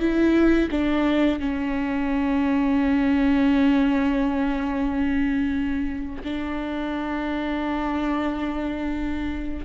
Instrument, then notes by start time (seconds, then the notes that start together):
viola
0.00 E4
0.71 D4
1.39 C#4
6.24 D4